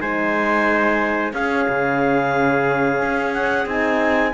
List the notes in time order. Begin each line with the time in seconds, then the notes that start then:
0.00 G#3 D#4 C5 G#5
1.33 C#4 G#4 F5
1.69 C#3
3.02 C#4
3.33 F#5
3.66 C4 D#4 G#5